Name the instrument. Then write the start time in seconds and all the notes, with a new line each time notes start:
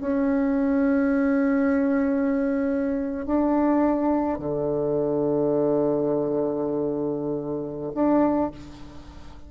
bassoon
0.00 C#4
3.25 D4
4.38 D3
7.94 D4